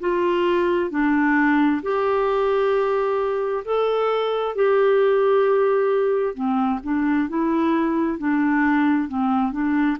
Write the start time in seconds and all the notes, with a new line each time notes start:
0.00 F4
0.90 D4
1.82 G4
3.64 A4
4.55 G4
6.34 C4
6.83 D4
7.29 E4
8.19 D4
9.09 C4
9.52 D4